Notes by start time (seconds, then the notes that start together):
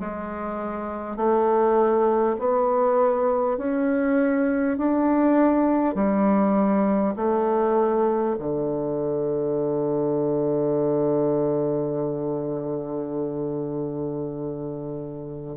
0.00 G#3
1.17 A3
2.39 B3
3.58 C#4
4.78 D4
5.95 G3
7.16 A3
8.39 D3